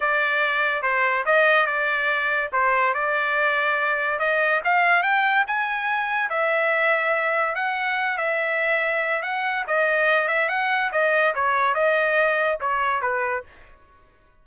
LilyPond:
\new Staff \with { instrumentName = "trumpet" } { \time 4/4 \tempo 4 = 143 d''2 c''4 dis''4 | d''2 c''4 d''4~ | d''2 dis''4 f''4 | g''4 gis''2 e''4~ |
e''2 fis''4. e''8~ | e''2 fis''4 dis''4~ | dis''8 e''8 fis''4 dis''4 cis''4 | dis''2 cis''4 b'4 | }